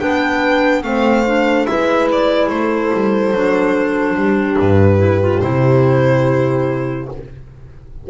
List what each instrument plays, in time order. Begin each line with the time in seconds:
0.00 double bass B3, clarinet D4, horn B4, violin G5
0.83 double bass A3, clarinet C4, horn C5, violin F5
1.26 clarinet D4
1.67 double bass G#3, clarinet E4, horn B4, violin E5
2.12 violin D5
2.49 double bass A3, horn A4, violin C5
2.94 double bass G3
3.32 double bass F#3, clarinet D4
4.16 double bass G3, horn G4
4.60 double bass G2, violin B4
4.99 clarinet E4
5.22 clarinet F4
5.41 double bass C3, clarinet E4, violin C5